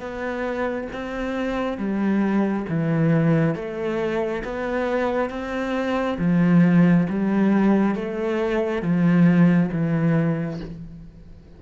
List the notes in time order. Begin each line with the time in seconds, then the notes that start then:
0.00 B3
0.93 C4
1.78 G3
2.70 E3
3.55 A3
4.45 B3
5.30 C4
6.19 F3
7.10 G3
7.95 A3
8.82 F3
9.72 E3